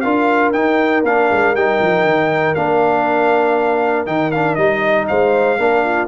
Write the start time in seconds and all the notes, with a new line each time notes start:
0.00 D4 F4 A#4 F5
0.52 D#4 G5
1.03 A#3 D4 F5
1.31 G#3
1.54 G3 D#4 G5
1.80 F3
2.04 D#3
2.54 A#3 D4 F5
4.06 D#3 D#4 G5
4.31 D4 F5
4.55 G3 D#4 D#5
5.07 G#3 C5 F5
5.58 A#3 D4 A#4
5.84 F4